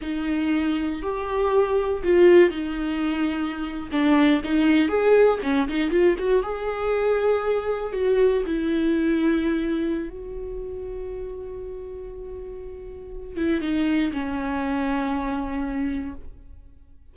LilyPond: \new Staff \with { instrumentName = "viola" } { \time 4/4 \tempo 4 = 119 dis'2 g'2 | f'4 dis'2~ dis'8. d'16~ | d'8. dis'4 gis'4 cis'8 dis'8 f'16~ | f'16 fis'8 gis'2. fis'16~ |
fis'8. e'2.~ e'16 | fis'1~ | fis'2~ fis'8 e'8 dis'4 | cis'1 | }